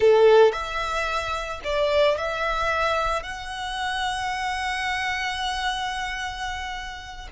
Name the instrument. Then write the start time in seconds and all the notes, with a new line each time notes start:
violin
0.00 A4
0.52 E5
1.64 D5
2.17 E5
3.22 F#5